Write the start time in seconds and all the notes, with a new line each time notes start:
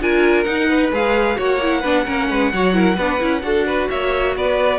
0.00 D4 F4 A#4 G#5
0.43 D#4 F#5
0.69 B4
0.92 G#3 G#4 F5
1.35 A#3 F#4 C#5 F#5
1.62 E4
1.81 B3 D4 B4
2.05 A#3 C#4 A#4
2.30 G#3 B4
2.53 F#3 F#4 C#5
2.73 E4 A#4
2.96 B3 D4 B4
3.19 C#4 E4
3.43 D4 F#4 A4
3.66 B4
3.89 A#3 C#5 E5
4.36 B3 B4 D5